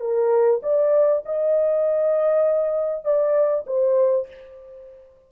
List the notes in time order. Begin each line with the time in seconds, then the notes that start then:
0.00 A#4
0.63 D5
1.25 D#5
3.04 D5
3.67 C5